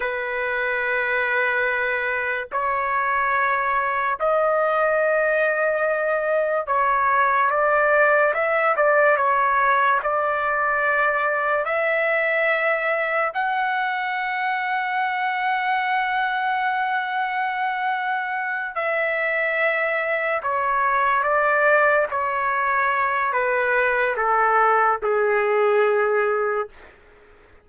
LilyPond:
\new Staff \with { instrumentName = "trumpet" } { \time 4/4 \tempo 4 = 72 b'2. cis''4~ | cis''4 dis''2. | cis''4 d''4 e''8 d''8 cis''4 | d''2 e''2 |
fis''1~ | fis''2~ fis''8 e''4.~ | e''8 cis''4 d''4 cis''4. | b'4 a'4 gis'2 | }